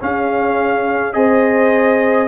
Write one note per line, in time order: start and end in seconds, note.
0.00 1.13 C#4
0.00 1.14 C#4
0.00 1.15 G#4
0.00 1.13 F5
1.13 2.28 C4
1.13 2.28 G#4
1.13 2.28 C5
1.13 2.28 D#5